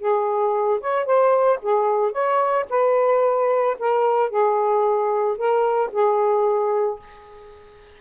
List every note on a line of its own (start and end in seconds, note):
0.00 0.80 G#4
0.81 1.06 C#5
1.06 1.59 C5
1.62 2.12 G#4
2.12 2.66 C#5
2.70 3.77 B4
3.80 4.30 A#4
4.30 5.37 G#4
5.38 5.91 A#4
5.92 6.99 G#4